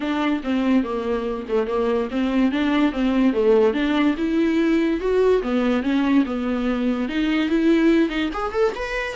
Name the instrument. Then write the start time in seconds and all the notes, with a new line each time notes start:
viola
0.00 D4
0.43 C4
0.83 A#3
1.48 A3
1.67 A#3
2.11 C4
2.51 D4
2.92 C4
3.33 A3
3.73 D4
4.17 E4
5.00 F#4
5.42 B3
5.82 C#4
6.25 B3
7.09 D#4
7.49 E4
8.09 D#4
8.33 G#4
8.52 A4
8.75 B4